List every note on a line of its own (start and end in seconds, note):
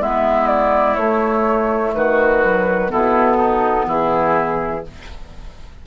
0.00 0.97 G#3
0.00 0.97 B3
0.00 1.95 E4
0.00 0.48 E5
0.48 0.95 D5
0.95 1.94 A3
0.95 2.44 A3
0.95 1.92 C#5
1.94 2.92 D#3
1.94 2.92 F#4
1.94 2.91 B4
2.44 2.89 F#3
2.89 3.86 B2
2.89 4.83 B3
2.89 3.37 E4
2.89 3.87 A4
3.37 3.86 D#4
3.86 4.83 E3
3.86 4.85 E4
3.86 4.87 G#4